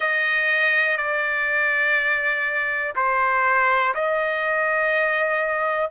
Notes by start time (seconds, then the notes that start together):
0.00 D#5
0.97 D5
2.95 C5
3.94 D#5